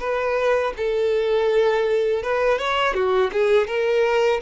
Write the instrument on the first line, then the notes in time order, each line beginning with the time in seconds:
violin
0.00 B4
0.77 A4
2.23 B4
2.59 C#5
2.94 F#4
3.33 G#4
3.68 A#4